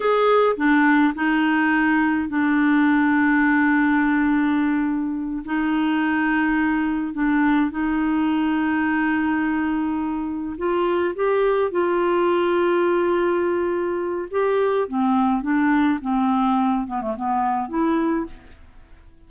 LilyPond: \new Staff \with { instrumentName = "clarinet" } { \time 4/4 \tempo 4 = 105 gis'4 d'4 dis'2 | d'1~ | d'4. dis'2~ dis'8~ | dis'8 d'4 dis'2~ dis'8~ |
dis'2~ dis'8 f'4 g'8~ | g'8 f'2.~ f'8~ | f'4 g'4 c'4 d'4 | c'4. b16 a16 b4 e'4 | }